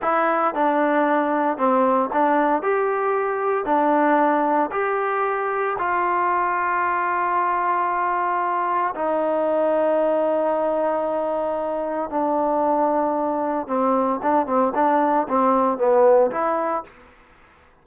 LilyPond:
\new Staff \with { instrumentName = "trombone" } { \time 4/4 \tempo 4 = 114 e'4 d'2 c'4 | d'4 g'2 d'4~ | d'4 g'2 f'4~ | f'1~ |
f'4 dis'2.~ | dis'2. d'4~ | d'2 c'4 d'8 c'8 | d'4 c'4 b4 e'4 | }